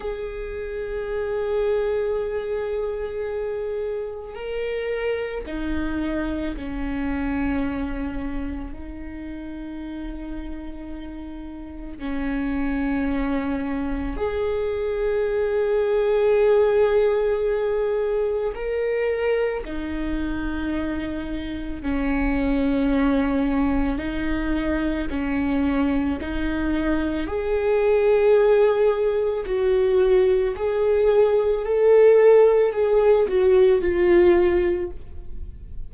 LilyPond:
\new Staff \with { instrumentName = "viola" } { \time 4/4 \tempo 4 = 55 gis'1 | ais'4 dis'4 cis'2 | dis'2. cis'4~ | cis'4 gis'2.~ |
gis'4 ais'4 dis'2 | cis'2 dis'4 cis'4 | dis'4 gis'2 fis'4 | gis'4 a'4 gis'8 fis'8 f'4 | }